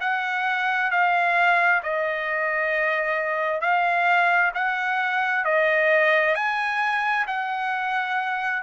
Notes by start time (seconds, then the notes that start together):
0.00 F#5
0.91 F5
1.83 D#5
3.61 F5
4.55 F#5
5.44 D#5
6.35 G#5
7.27 F#5